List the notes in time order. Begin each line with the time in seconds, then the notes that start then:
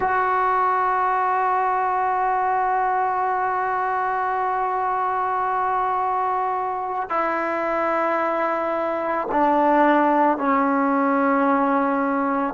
0.00 F#4
7.09 E4
9.31 D4
10.37 C#4